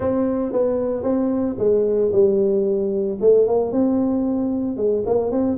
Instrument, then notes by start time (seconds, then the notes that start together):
tuba
0.00 C4
0.52 B3
1.03 C4
1.58 G#3
2.12 G3
3.21 A3
3.47 A#3
3.72 C4
4.76 G#3
5.05 A#3
5.31 C4